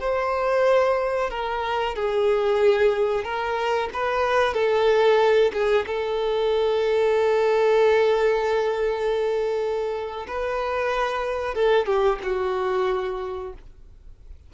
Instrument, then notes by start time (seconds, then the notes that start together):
violin
0.00 C5
1.30 A#4
1.96 G#4
3.25 A#4
3.94 B4
4.54 A4
5.53 G#4
5.87 A4
10.27 B4
11.55 A4
11.87 G4
12.23 F#4